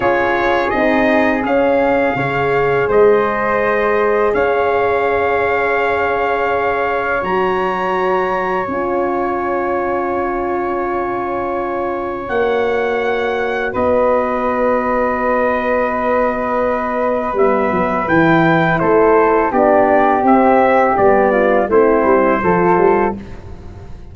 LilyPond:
<<
  \new Staff \with { instrumentName = "trumpet" } { \time 4/4 \tempo 4 = 83 cis''4 dis''4 f''2 | dis''2 f''2~ | f''2 ais''2 | gis''1~ |
gis''4 fis''2 dis''4~ | dis''1 | e''4 g''4 c''4 d''4 | e''4 d''4 c''2 | }
  \new Staff \with { instrumentName = "flute" } { \time 4/4 gis'2. cis''4 | c''2 cis''2~ | cis''1~ | cis''1~ |
cis''2. b'4~ | b'1~ | b'2 a'4 g'4~ | g'4. f'8 e'4 a'4 | }
  \new Staff \with { instrumentName = "horn" } { \time 4/4 f'4 dis'4 cis'4 gis'4~ | gis'1~ | gis'2 fis'2 | f'1~ |
f'4 fis'2.~ | fis'1 | b4 e'2 d'4 | c'4 b4 c'4 f'4 | }
  \new Staff \with { instrumentName = "tuba" } { \time 4/4 cis'4 c'4 cis'4 cis4 | gis2 cis'2~ | cis'2 fis2 | cis'1~ |
cis'4 ais2 b4~ | b1 | g8 fis8 e4 a4 b4 | c'4 g4 a8 g8 f8 g8 | }
>>